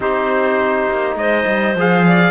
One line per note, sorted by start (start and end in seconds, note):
0.00 0.87 C4
0.00 1.75 D#4
0.00 1.18 G4
0.00 1.17 C5
0.89 1.15 A#3
1.15 1.44 G#3
1.15 2.07 C5
1.15 1.76 D#5
1.46 1.75 G3
1.75 2.31 F3
1.75 2.31 G#4
1.75 2.31 F5
2.07 2.31 D5